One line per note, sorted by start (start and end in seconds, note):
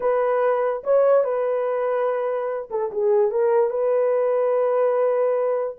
0.00 0.83 B4
0.83 1.24 C#5
1.24 2.68 B4
2.70 2.91 A4
2.91 3.31 G#4
3.31 3.69 A#4
3.69 5.76 B4